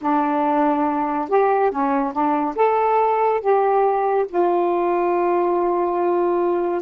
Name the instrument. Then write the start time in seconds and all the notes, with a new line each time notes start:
saxophone
0.01 D4
1.28 G4
1.71 C#4
2.12 D4
2.55 A4
3.40 G4
4.28 F4